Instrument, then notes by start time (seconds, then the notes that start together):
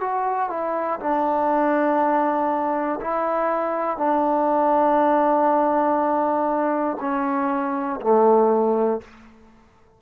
trombone
0.00 F#4
0.49 E4
1.00 D4
3.00 E4
3.97 D4
7.00 C#4
8.00 A3